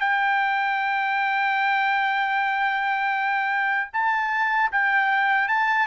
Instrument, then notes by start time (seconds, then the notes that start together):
trumpet
0.00 G5
3.93 A5
4.72 G5
5.48 A5